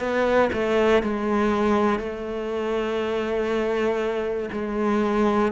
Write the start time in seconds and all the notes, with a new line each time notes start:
0.00 B3
0.53 A3
1.03 G#3
2.00 A3
4.52 G#3